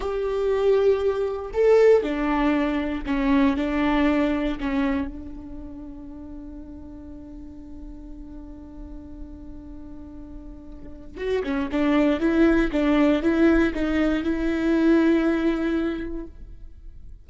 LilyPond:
\new Staff \with { instrumentName = "viola" } { \time 4/4 \tempo 4 = 118 g'2. a'4 | d'2 cis'4 d'4~ | d'4 cis'4 d'2~ | d'1~ |
d'1~ | d'2 fis'8 cis'8 d'4 | e'4 d'4 e'4 dis'4 | e'1 | }